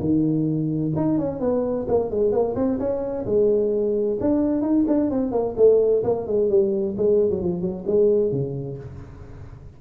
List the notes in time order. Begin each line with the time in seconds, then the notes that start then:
0.00 D#3
0.96 D#4
1.19 C#4
1.40 B3
1.88 A#3
2.10 G#3
2.32 A#3
2.56 C4
2.79 C#4
3.26 G#3
4.21 D4
4.62 D#4
4.88 D4
5.10 C4
5.32 A#3
5.57 A3
6.04 A#3
6.27 G#3
6.50 G3
6.97 G#3
7.30 F#3
7.42 F3
7.61 F#3
7.87 G#3
8.32 C#3